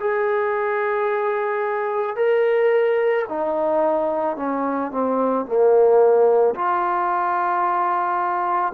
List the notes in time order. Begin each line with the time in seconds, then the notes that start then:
0.00 G#4
2.16 A#4
3.28 D#4
4.36 C#4
4.91 C4
5.45 A#3
6.55 F4